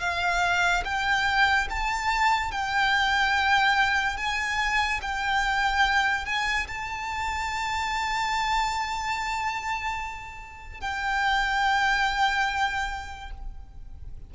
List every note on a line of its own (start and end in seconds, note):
0.00 0.83 F5
0.84 1.67 G5
1.69 2.51 A5
2.51 4.17 G5
4.17 5.00 G#5
5.02 6.25 G5
6.25 6.67 G#5
6.67 10.80 A5
10.80 13.30 G5